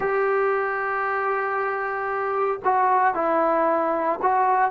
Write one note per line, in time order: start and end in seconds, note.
0.00 2.59 G4
2.64 3.14 F#4
3.14 4.19 E4
4.22 4.71 F#4